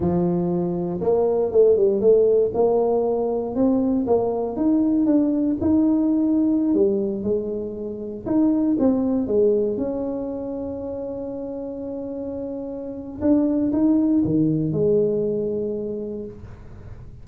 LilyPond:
\new Staff \with { instrumentName = "tuba" } { \time 4/4 \tempo 4 = 118 f2 ais4 a8 g8 | a4 ais2 c'4 | ais4 dis'4 d'4 dis'4~ | dis'4~ dis'16 g4 gis4.~ gis16~ |
gis16 dis'4 c'4 gis4 cis'8.~ | cis'1~ | cis'2 d'4 dis'4 | dis4 gis2. | }